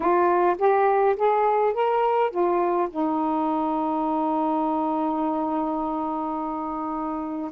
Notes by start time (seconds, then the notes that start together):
0.00 F4
0.58 G4
1.16 G#4
1.73 A#4
2.30 F4
2.90 D#4